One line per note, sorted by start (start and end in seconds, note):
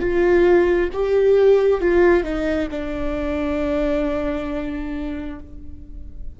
0.00 0.90 F4
0.92 1.81 G4
1.81 2.23 F4
2.23 2.68 D#4
2.70 5.39 D4